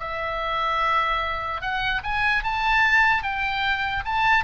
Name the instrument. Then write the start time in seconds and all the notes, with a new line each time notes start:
oboe
0.00 E5
1.61 F#5
2.03 G#5
2.44 A5
3.23 G5
4.05 A5